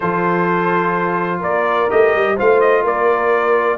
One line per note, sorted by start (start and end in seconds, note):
0.00 1.42 F3
0.00 1.89 F4
0.00 1.39 A4
0.00 1.41 C5
1.39 1.89 A#3
1.39 2.34 A#4
1.39 1.90 D5
1.89 2.14 A3
1.89 2.37 G4
1.89 2.37 D#5
2.14 2.37 G3
2.36 2.83 A3
2.36 3.77 F4
2.36 2.83 C5
2.36 2.60 F5
2.60 2.84 D#5
2.83 3.77 A#3
2.83 3.77 A#4
2.83 3.77 D5